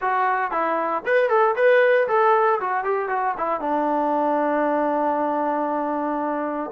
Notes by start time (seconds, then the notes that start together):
0.01 F#4
0.51 E4
1.05 B4
1.29 A4
1.55 B4
2.08 A4
2.60 F#4
2.83 G4
3.08 F#4
3.37 E4
3.60 D4